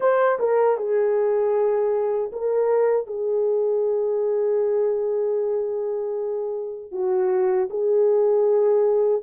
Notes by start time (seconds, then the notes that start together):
0.00 C5
0.39 A#4
0.77 G#4
2.32 A#4
3.06 G#4
6.91 F#4
7.70 G#4